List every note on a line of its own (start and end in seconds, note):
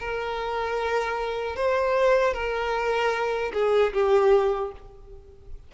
0.00 1.56 A#4
1.56 2.34 C5
2.34 3.53 A#4
3.54 3.93 G#4
3.94 4.73 G4